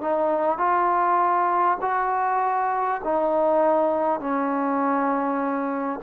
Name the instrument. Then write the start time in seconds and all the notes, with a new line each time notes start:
trombone
0.00 D#4
0.58 F4
1.81 F#4
3.03 D#4
4.19 C#4